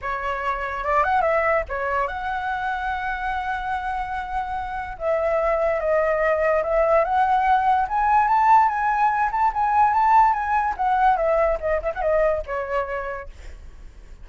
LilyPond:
\new Staff \with { instrumentName = "flute" } { \time 4/4 \tempo 4 = 145 cis''2 d''8 fis''8 e''4 | cis''4 fis''2.~ | fis''1 | e''2 dis''2 |
e''4 fis''2 gis''4 | a''4 gis''4. a''8 gis''4 | a''4 gis''4 fis''4 e''4 | dis''8 e''16 fis''16 dis''4 cis''2 | }